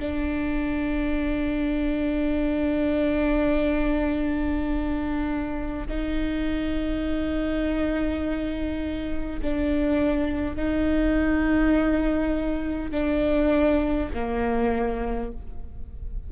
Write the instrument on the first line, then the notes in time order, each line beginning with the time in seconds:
viola
0.00 D4
5.88 D#4
9.42 D4
10.56 D#4
12.91 D4
14.14 A#3